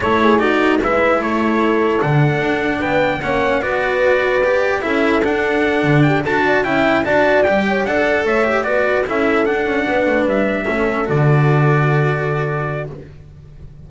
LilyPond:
<<
  \new Staff \with { instrumentName = "trumpet" } { \time 4/4 \tempo 4 = 149 cis''4 d''4 e''4 cis''4~ | cis''4 fis''2 g''4 | fis''4 d''2. | e''4 fis''2 g''8 a''8~ |
a''8 g''4 a''4 g''4 fis''8~ | fis''8 e''4 d''4 e''4 fis''8~ | fis''4. e''2 d''8~ | d''1 | }
  \new Staff \with { instrumentName = "horn" } { \time 4/4 a'8 gis'8 fis'4 b'4 a'4~ | a'2. b'4 | cis''4 b'2. | a'2. g'8 a'8 |
d''8 e''4 d''4. cis''8 d''8~ | d''8 cis''4 b'4 a'4.~ | a'8 b'2 a'4.~ | a'1 | }
  \new Staff \with { instrumentName = "cello" } { \time 4/4 e'4 dis'4 e'2~ | e'4 d'2. | cis'4 fis'2 g'4 | e'4 d'2~ d'8 fis'8~ |
fis'8 e'4 fis'4 g'4 a'8~ | a'4 g'8 fis'4 e'4 d'8~ | d'2~ d'8 cis'4 fis'8~ | fis'1 | }
  \new Staff \with { instrumentName = "double bass" } { \time 4/4 a2 gis4 a4~ | a4 d4 d'4 b4 | ais4 b2. | cis'4 d'4. d4 d'8~ |
d'8 cis'4 d'4 g4 d'8~ | d'8 a4 b4 cis'4 d'8 | cis'8 b8 a8 g4 a4 d8~ | d1 | }
>>